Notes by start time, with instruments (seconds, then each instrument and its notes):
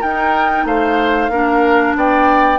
0.00 bassoon D#4, clarinet D#4, oboe A#4, flute G5
0.65 bassoon A3, oboe C5, flute F5
1.29 bassoon A#3, clarinet D4, oboe A#4
1.95 bassoon B3, oboe D5, flute G5